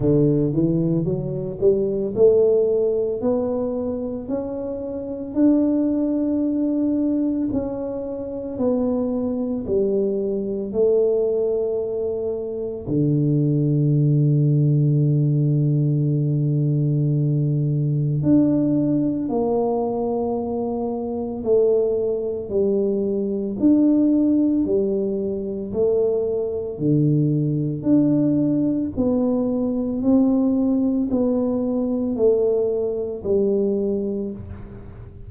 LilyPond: \new Staff \with { instrumentName = "tuba" } { \time 4/4 \tempo 4 = 56 d8 e8 fis8 g8 a4 b4 | cis'4 d'2 cis'4 | b4 g4 a2 | d1~ |
d4 d'4 ais2 | a4 g4 d'4 g4 | a4 d4 d'4 b4 | c'4 b4 a4 g4 | }